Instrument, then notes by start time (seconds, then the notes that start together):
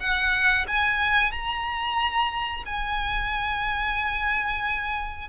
violin
0.00 F#5
0.68 G#5
1.32 A#5
2.66 G#5